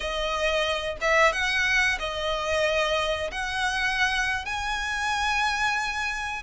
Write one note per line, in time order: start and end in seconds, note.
0.00 0.97 D#5
1.01 1.32 E5
1.32 1.98 F#5
1.99 3.31 D#5
3.31 4.45 F#5
4.45 6.43 G#5